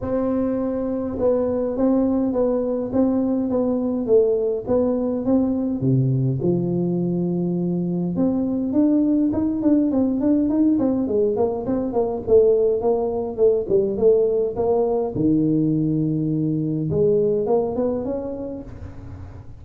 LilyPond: \new Staff \with { instrumentName = "tuba" } { \time 4/4 \tempo 4 = 103 c'2 b4 c'4 | b4 c'4 b4 a4 | b4 c'4 c4 f4~ | f2 c'4 d'4 |
dis'8 d'8 c'8 d'8 dis'8 c'8 gis8 ais8 | c'8 ais8 a4 ais4 a8 g8 | a4 ais4 dis2~ | dis4 gis4 ais8 b8 cis'4 | }